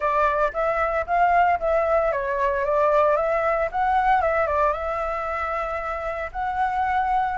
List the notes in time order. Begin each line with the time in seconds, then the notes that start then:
0.00 D5
0.53 E5
1.06 F5
1.59 E5
2.12 C#5
2.65 D5
3.16 E5
3.71 F#5
4.21 E5
4.46 D5
4.72 E5
6.32 F#5